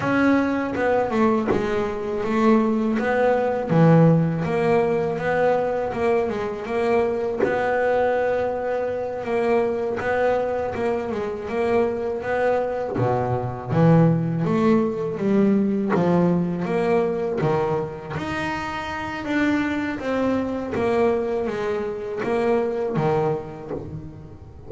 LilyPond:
\new Staff \with { instrumentName = "double bass" } { \time 4/4 \tempo 4 = 81 cis'4 b8 a8 gis4 a4 | b4 e4 ais4 b4 | ais8 gis8 ais4 b2~ | b8 ais4 b4 ais8 gis8 ais8~ |
ais8 b4 b,4 e4 a8~ | a8 g4 f4 ais4 dis8~ | dis8 dis'4. d'4 c'4 | ais4 gis4 ais4 dis4 | }